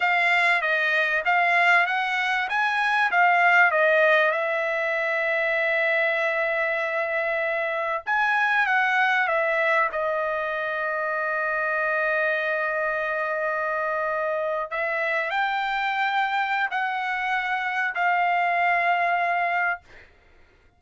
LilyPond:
\new Staff \with { instrumentName = "trumpet" } { \time 4/4 \tempo 4 = 97 f''4 dis''4 f''4 fis''4 | gis''4 f''4 dis''4 e''4~ | e''1~ | e''4 gis''4 fis''4 e''4 |
dis''1~ | dis''2.~ dis''8. e''16~ | e''8. g''2~ g''16 fis''4~ | fis''4 f''2. | }